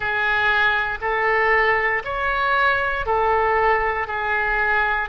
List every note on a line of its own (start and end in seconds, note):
0.00 0.98 G#4
1.01 2.02 A4
2.04 3.06 C#5
3.06 4.07 A4
4.07 5.08 G#4